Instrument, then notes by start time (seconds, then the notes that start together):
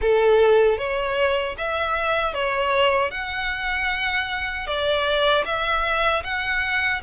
violin
0.01 A4
0.78 C#5
1.57 E5
2.34 C#5
3.11 F#5
4.66 D5
5.45 E5
6.23 F#5